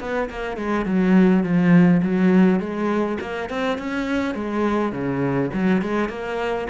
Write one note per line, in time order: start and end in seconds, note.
0.00 0.29 B3
0.30 0.57 A#3
0.57 0.85 G#3
0.85 1.43 F#3
1.43 2.02 F3
2.02 2.59 F#3
2.59 3.18 G#3
3.20 3.49 A#3
3.49 3.78 C4
3.78 4.35 C#4
4.35 4.92 G#3
4.92 5.50 C#3
5.53 5.81 F#3
5.81 6.09 G#3
6.09 6.67 A#3